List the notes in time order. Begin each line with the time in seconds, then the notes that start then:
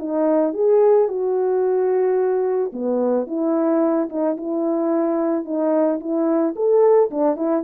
0.00 D#4
0.54 G#4
1.09 F#4
2.73 B3
3.28 E4
4.10 D#4
4.37 E4
5.46 D#4
6.01 E4
6.56 A4
7.11 D4
7.37 E4